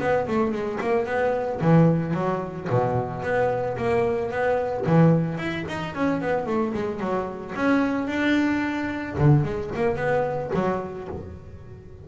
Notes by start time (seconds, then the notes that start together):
0.00 B3
0.28 A3
0.52 G#3
0.81 A#3
1.06 B3
1.61 E3
2.14 F#3
2.70 B2
3.23 B3
3.78 A#3
4.31 B3
4.86 E3
5.38 E4
5.68 D#4
5.95 C#4
6.22 B3
6.46 A3
6.74 G#3
7.00 F#3
7.56 C#4
8.08 D4
9.19 D3
9.44 G#3
9.76 A#3
9.96 B3
10.55 F#3